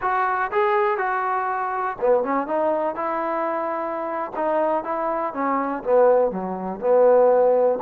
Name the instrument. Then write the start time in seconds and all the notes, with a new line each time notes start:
trombone
0.01 F#4
0.51 G#4
0.97 F#4
2.00 B3
2.23 C#4
2.47 D#4
2.95 E4
4.35 D#4
4.83 E4
5.33 C#4
5.83 B3
6.31 F#3
6.80 B3